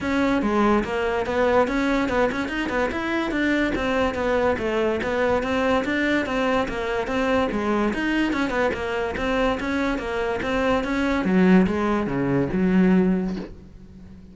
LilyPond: \new Staff \with { instrumentName = "cello" } { \time 4/4 \tempo 4 = 144 cis'4 gis4 ais4 b4 | cis'4 b8 cis'8 dis'8 b8 e'4 | d'4 c'4 b4 a4 | b4 c'4 d'4 c'4 |
ais4 c'4 gis4 dis'4 | cis'8 b8 ais4 c'4 cis'4 | ais4 c'4 cis'4 fis4 | gis4 cis4 fis2 | }